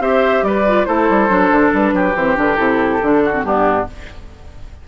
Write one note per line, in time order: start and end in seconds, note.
0.00 0.43 C4
0.00 0.66 G4
0.00 0.45 C5
0.00 0.45 E5
0.43 0.86 G3
0.43 0.88 B4
0.43 0.86 D5
0.68 0.87 F4
0.86 1.10 A3
0.86 1.29 E4
0.86 1.95 A4
0.86 1.71 C5
1.10 1.30 G3
1.29 1.52 F#3
1.29 2.15 D4
1.52 1.73 D3
1.74 1.94 G3
1.74 2.16 B4
1.94 2.15 F#3
1.94 3.24 G4
2.16 2.37 E3
2.16 2.36 C4
2.16 2.38 C5
2.36 2.59 D3
2.36 2.57 D4
2.36 2.56 B4
2.56 3.01 C3
2.56 3.00 E4
2.56 3.42 A4
3.03 3.43 D3
3.03 3.34 D4
3.25 3.46 F#4
3.34 3.45 C4
3.43 3.86 G2
3.43 3.88 B3
3.43 3.88 D4
3.43 3.87 G4